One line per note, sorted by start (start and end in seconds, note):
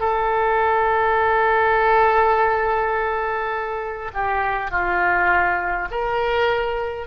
0.00 4.12 A4
4.13 4.71 G4
4.71 5.88 F4
5.91 7.07 A#4